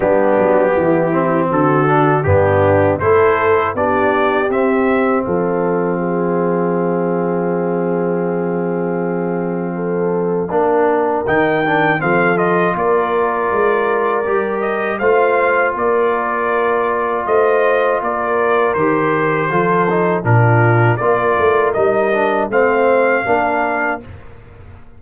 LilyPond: <<
  \new Staff \with { instrumentName = "trumpet" } { \time 4/4 \tempo 4 = 80 g'2 a'4 g'4 | c''4 d''4 e''4 f''4~ | f''1~ | f''2. g''4 |
f''8 dis''8 d''2~ d''8 dis''8 | f''4 d''2 dis''4 | d''4 c''2 ais'4 | d''4 dis''4 f''2 | }
  \new Staff \with { instrumentName = "horn" } { \time 4/4 d'4 e'4 fis'4 d'4 | a'4 g'2 a'4 | gis'1~ | gis'4 a'4 ais'2 |
a'4 ais'2. | c''4 ais'2 c''4 | ais'2 a'4 f'4 | ais'2 c''4 ais'4 | }
  \new Staff \with { instrumentName = "trombone" } { \time 4/4 b4. c'4 d'8 b4 | e'4 d'4 c'2~ | c'1~ | c'2 d'4 dis'8 d'8 |
c'8 f'2~ f'8 g'4 | f'1~ | f'4 g'4 f'8 dis'8 d'4 | f'4 dis'8 d'8 c'4 d'4 | }
  \new Staff \with { instrumentName = "tuba" } { \time 4/4 g8 fis8 e4 d4 g,4 | a4 b4 c'4 f4~ | f1~ | f2 ais4 dis4 |
f4 ais4 gis4 g4 | a4 ais2 a4 | ais4 dis4 f4 ais,4 | ais8 a8 g4 a4 ais4 | }
>>